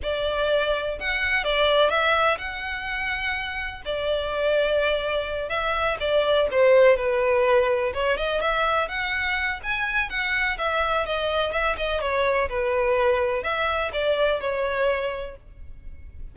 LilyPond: \new Staff \with { instrumentName = "violin" } { \time 4/4 \tempo 4 = 125 d''2 fis''4 d''4 | e''4 fis''2. | d''2.~ d''8 e''8~ | e''8 d''4 c''4 b'4.~ |
b'8 cis''8 dis''8 e''4 fis''4. | gis''4 fis''4 e''4 dis''4 | e''8 dis''8 cis''4 b'2 | e''4 d''4 cis''2 | }